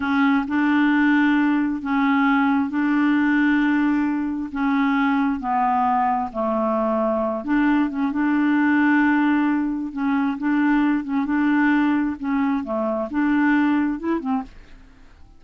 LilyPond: \new Staff \with { instrumentName = "clarinet" } { \time 4/4 \tempo 4 = 133 cis'4 d'2. | cis'2 d'2~ | d'2 cis'2 | b2 a2~ |
a8 d'4 cis'8 d'2~ | d'2 cis'4 d'4~ | d'8 cis'8 d'2 cis'4 | a4 d'2 e'8 c'8 | }